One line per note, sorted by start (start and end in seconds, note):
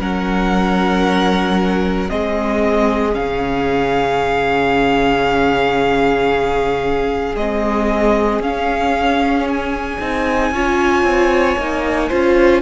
0.00 2.11 F#3
0.00 2.09 C#4
0.00 2.11 A#4
0.00 2.10 F#5
2.09 3.17 G#3
2.09 3.14 C4
2.09 10.53 G#4
2.09 3.14 D#5
3.14 7.35 C#3
3.14 7.35 C#4
3.14 7.36 F5
7.35 8.39 G#3
7.35 8.43 C4
7.35 8.42 D#5
8.39 9.97 C#4
8.39 10.01 C#4
8.39 9.48 F5
9.49 12.62 G#5
10.01 10.51 C4
10.01 10.54 D#4
10.51 11.03 C#4
10.51 11.59 F4
10.51 12.09 C#5
11.03 11.55 C4
11.58 12.11 A#3
11.58 12.11 D#4
12.09 12.62 C#4
12.09 12.62 F4
12.09 12.62 C5